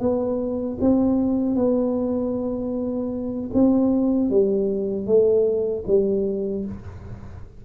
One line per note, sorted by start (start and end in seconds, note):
0.00 0.78 B3
0.81 1.56 C4
1.56 3.51 B3
3.54 4.30 C4
4.30 5.06 G3
5.06 5.84 A3
5.87 6.65 G3